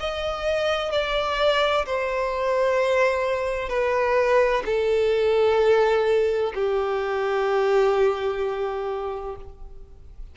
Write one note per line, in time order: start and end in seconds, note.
0.00 0.92 D#5
0.92 1.85 D5
1.86 3.69 C5
3.69 4.63 B4
4.65 6.53 A4
6.55 9.36 G4